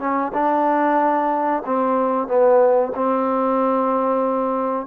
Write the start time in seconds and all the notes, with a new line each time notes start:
0.00 C#4
0.34 D4
1.66 C4
2.28 B3
2.96 C4